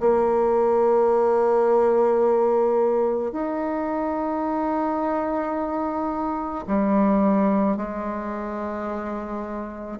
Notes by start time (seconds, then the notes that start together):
0.00 A#3
3.32 D#4
6.67 G3
7.77 G#3